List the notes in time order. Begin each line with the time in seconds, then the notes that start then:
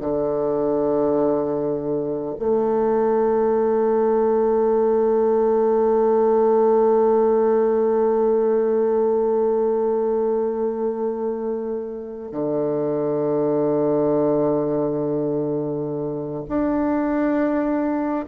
0.00 D3
2.39 A3
12.32 D3
16.48 D4